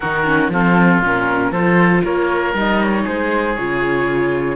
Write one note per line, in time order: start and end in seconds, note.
0.00 0.48 D#3
0.00 0.25 D#4
0.00 0.51 F#4
0.00 0.51 A#4
0.25 0.50 C#4
0.48 0.99 F3
0.48 1.02 C4
0.48 1.51 F4
0.48 1.03 A4
1.00 1.51 A#2
1.00 1.53 C#4
1.00 1.53 A#4
1.51 2.01 F3
1.51 2.54 F4
1.51 2.02 A4
1.51 2.03 C5
2.04 2.53 A#3
2.04 3.03 A#4
2.04 2.54 C#5
2.53 3.04 G3
2.53 3.56 D#4
2.53 2.82 D#5
2.82 3.07 C#5
3.03 3.57 G#3
3.03 4.55 G#4
3.03 3.55 C5
3.55 4.55 C#3
3.55 4.55 F4
3.55 4.55 C#5